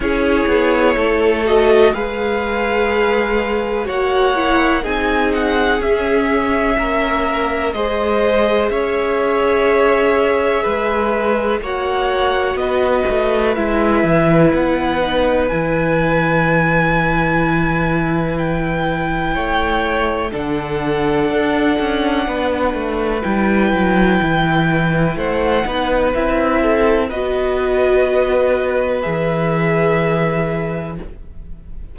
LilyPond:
<<
  \new Staff \with { instrumentName = "violin" } { \time 4/4 \tempo 4 = 62 cis''4. dis''8 f''2 | fis''4 gis''8 fis''8 e''2 | dis''4 e''2. | fis''4 dis''4 e''4 fis''4 |
gis''2. g''4~ | g''4 fis''2. | g''2 fis''4 e''4 | dis''2 e''2 | }
  \new Staff \with { instrumentName = "violin" } { \time 4/4 gis'4 a'4 b'2 | cis''4 gis'2 ais'4 | c''4 cis''2 b'4 | cis''4 b'2.~ |
b'1 | cis''4 a'2 b'4~ | b'2 c''8 b'4 a'8 | b'1 | }
  \new Staff \with { instrumentName = "viola" } { \time 4/4 e'4. fis'8 gis'2 | fis'8 e'8 dis'4 cis'2 | gis'1 | fis'2 e'4. dis'8 |
e'1~ | e'4 d'2. | e'2~ e'8 dis'8 e'4 | fis'2 gis'2 | }
  \new Staff \with { instrumentName = "cello" } { \time 4/4 cis'8 b8 a4 gis2 | ais4 c'4 cis'4 ais4 | gis4 cis'2 gis4 | ais4 b8 a8 gis8 e8 b4 |
e1 | a4 d4 d'8 cis'8 b8 a8 | g8 fis8 e4 a8 b8 c'4 | b2 e2 | }
>>